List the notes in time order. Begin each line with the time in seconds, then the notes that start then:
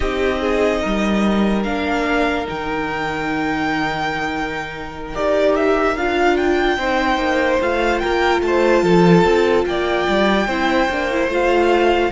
0.00 C4 D#4 G4 D#5
0.41 G#4
0.81 G3 A#4
1.63 A#3 D4 F5
2.45 D#3 D#4 G5
5.14 D#4 G4 D5
5.55 E5
5.96 D4 F4 F5
6.36 G5
6.77 C4 D#4 C5
7.17 A#3
7.60 A3 F4 F5
7.99 A#3 A#4 G5
8.41 A3 C5 A5
8.82 F3 A4
9.24 C4
9.65 A#3 D5 G5
10.08 G3
10.46 C4 E4 C5
10.89 A#3 D4
11.10 E4
11.28 A3 F4 F5